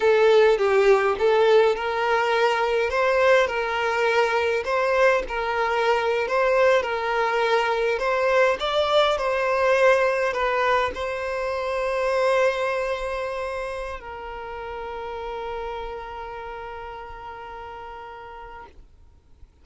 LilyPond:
\new Staff \with { instrumentName = "violin" } { \time 4/4 \tempo 4 = 103 a'4 g'4 a'4 ais'4~ | ais'4 c''4 ais'2 | c''4 ais'4.~ ais'16 c''4 ais'16~ | ais'4.~ ais'16 c''4 d''4 c''16~ |
c''4.~ c''16 b'4 c''4~ c''16~ | c''1 | ais'1~ | ais'1 | }